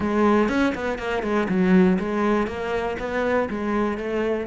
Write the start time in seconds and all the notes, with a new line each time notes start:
0.00 G#3
0.48 C#4
0.74 B3
0.98 A#3
1.23 G#3
1.48 F#3
1.99 G#3
2.47 A#3
2.99 B3
3.49 G#3
3.97 A3